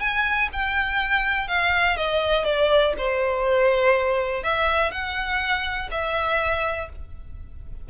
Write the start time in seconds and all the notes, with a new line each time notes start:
0.00 G#5
0.53 G5
1.48 F5
1.97 D#5
2.45 D5
2.98 C5
4.44 E5
4.91 F#5
5.91 E5